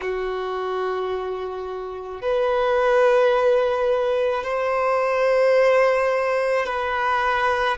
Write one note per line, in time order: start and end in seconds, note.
0.01 2.21 F#4
2.21 4.43 B4
4.43 6.66 C5
6.66 7.77 B4